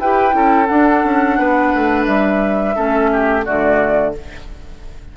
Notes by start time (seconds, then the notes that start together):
0.00 E4 G4 B4 G5
0.31 C#4 E4 A4
0.67 D4 F#5
1.04 C#4
1.39 B3 B4
1.75 A3
2.06 G3 E5
2.75 A3 C#4 A4
3.12 G4
3.45 D3 A3 F#4 D5